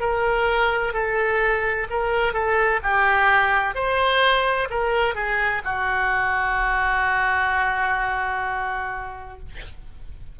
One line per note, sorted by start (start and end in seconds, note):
0.00 0.93 A#4
0.93 1.87 A4
1.90 2.33 A#4
2.33 2.80 A4
2.83 3.75 G4
3.75 4.68 C5
4.70 5.15 A#4
5.15 5.62 G#4
5.64 9.39 F#4